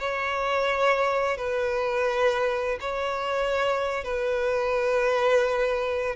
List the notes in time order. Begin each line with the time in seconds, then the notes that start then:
0.00 C#5
1.38 B4
2.81 C#5
4.05 B4